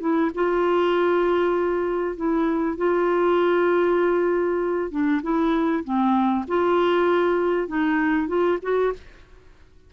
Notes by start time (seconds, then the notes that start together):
0.00 E4
0.34 F4
2.16 E4
2.77 F4
4.91 D4
5.22 E4
5.84 C4
6.47 F4
7.67 D#4
8.27 F4
8.62 F#4